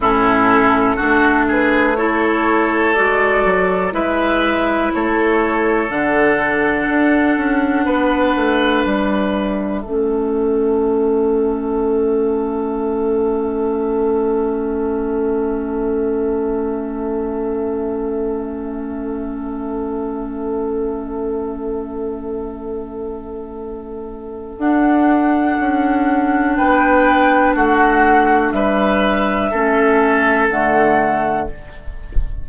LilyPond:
<<
  \new Staff \with { instrumentName = "flute" } { \time 4/4 \tempo 4 = 61 a'4. b'8 cis''4 d''4 | e''4 cis''4 fis''2~ | fis''4 e''2.~ | e''1~ |
e''1~ | e''1~ | e''4 fis''2 g''4 | fis''4 e''2 fis''4 | }
  \new Staff \with { instrumentName = "oboe" } { \time 4/4 e'4 fis'8 gis'8 a'2 | b'4 a'2. | b'2 a'2~ | a'1~ |
a'1~ | a'1~ | a'2. b'4 | fis'4 b'4 a'2 | }
  \new Staff \with { instrumentName = "clarinet" } { \time 4/4 cis'4 d'4 e'4 fis'4 | e'2 d'2~ | d'2 cis'2~ | cis'1~ |
cis'1~ | cis'1~ | cis'4 d'2.~ | d'2 cis'4 a4 | }
  \new Staff \with { instrumentName = "bassoon" } { \time 4/4 a,4 a2 gis8 fis8 | gis4 a4 d4 d'8 cis'8 | b8 a8 g4 a2~ | a1~ |
a1~ | a1~ | a4 d'4 cis'4 b4 | a4 g4 a4 d4 | }
>>